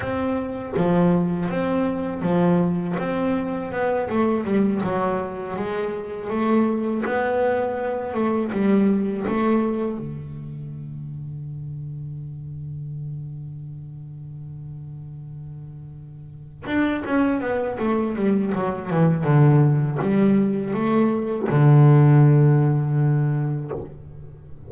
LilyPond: \new Staff \with { instrumentName = "double bass" } { \time 4/4 \tempo 4 = 81 c'4 f4 c'4 f4 | c'4 b8 a8 g8 fis4 gis8~ | gis8 a4 b4. a8 g8~ | g8 a4 d2~ d8~ |
d1~ | d2~ d8 d'8 cis'8 b8 | a8 g8 fis8 e8 d4 g4 | a4 d2. | }